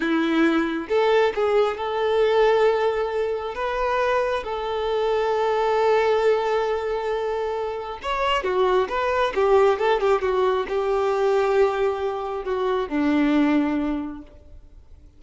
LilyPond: \new Staff \with { instrumentName = "violin" } { \time 4/4 \tempo 4 = 135 e'2 a'4 gis'4 | a'1 | b'2 a'2~ | a'1~ |
a'2 cis''4 fis'4 | b'4 g'4 a'8 g'8 fis'4 | g'1 | fis'4 d'2. | }